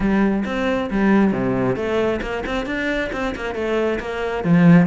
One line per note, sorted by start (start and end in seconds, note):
0.00 0.44 G3
0.45 0.89 C4
0.90 1.32 G3
1.32 1.76 C3
1.76 2.20 A3
2.21 2.43 A#3
2.45 2.65 C4
2.65 3.10 D4
3.12 3.34 C4
3.35 3.54 A#3
3.54 3.99 A3
3.99 4.44 A#3
4.44 4.86 F3